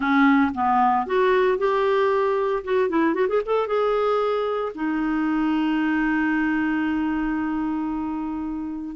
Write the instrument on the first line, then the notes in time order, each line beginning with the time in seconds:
clarinet
0.00 C#4
0.54 B3
1.06 F#4
1.58 G4
2.64 F#4
2.89 E4
3.14 F#4
3.28 G#4
3.45 A4
3.67 G#4
4.74 D#4